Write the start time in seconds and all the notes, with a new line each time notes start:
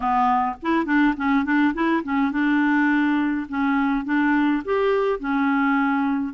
0.00 B3
0.62 E4
0.85 D4
1.16 C#4
1.44 D4
1.74 E4
2.03 C#4
2.31 D4
3.49 C#4
4.05 D4
4.64 G4
5.19 C#4